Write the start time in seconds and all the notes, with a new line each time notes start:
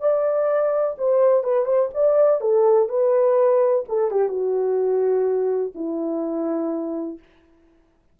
0.00 D5
0.98 C5
1.44 B4
1.65 C5
1.94 D5
2.41 A4
2.89 B4
3.88 A4
4.11 G4
4.28 F#4
5.75 E4